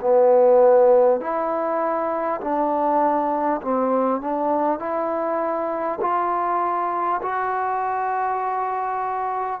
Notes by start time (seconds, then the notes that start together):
0.00 B3
1.20 E4
2.41 D4
3.61 C4
4.20 D4
4.79 E4
6.00 F4
7.22 F#4